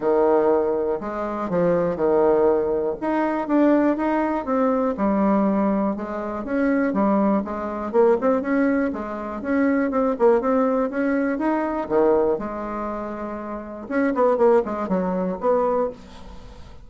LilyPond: \new Staff \with { instrumentName = "bassoon" } { \time 4/4 \tempo 4 = 121 dis2 gis4 f4 | dis2 dis'4 d'4 | dis'4 c'4 g2 | gis4 cis'4 g4 gis4 |
ais8 c'8 cis'4 gis4 cis'4 | c'8 ais8 c'4 cis'4 dis'4 | dis4 gis2. | cis'8 b8 ais8 gis8 fis4 b4 | }